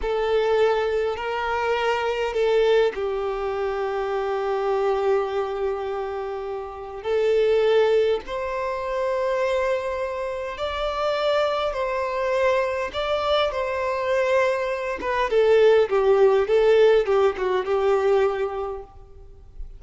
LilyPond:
\new Staff \with { instrumentName = "violin" } { \time 4/4 \tempo 4 = 102 a'2 ais'2 | a'4 g'2.~ | g'1 | a'2 c''2~ |
c''2 d''2 | c''2 d''4 c''4~ | c''4. b'8 a'4 g'4 | a'4 g'8 fis'8 g'2 | }